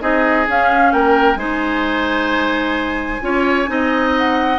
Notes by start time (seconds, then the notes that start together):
0.00 C4 D#4 G#4 D#5
0.48 C#4 F5
0.93 A#3 A#4 G5
1.36 G#3 D#4 C5 G#5
3.21 C#4 F4 C#5
3.66 C4 D#4 D#5
4.18 F#5